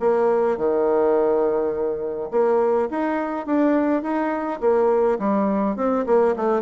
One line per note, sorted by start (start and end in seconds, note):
0.00 0.57 A#3
0.57 2.31 D#3
2.31 2.89 A#3
2.91 3.46 D#4
3.46 4.03 D4
4.03 4.60 D#4
4.61 5.18 A#3
5.19 5.76 G3
5.76 6.05 C4
6.06 6.35 A#3
6.36 6.62 A3